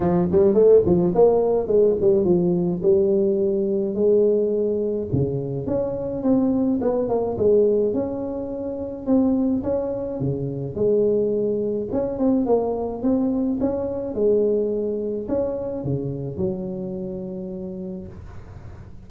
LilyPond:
\new Staff \with { instrumentName = "tuba" } { \time 4/4 \tempo 4 = 106 f8 g8 a8 f8 ais4 gis8 g8 | f4 g2 gis4~ | gis4 cis4 cis'4 c'4 | b8 ais8 gis4 cis'2 |
c'4 cis'4 cis4 gis4~ | gis4 cis'8 c'8 ais4 c'4 | cis'4 gis2 cis'4 | cis4 fis2. | }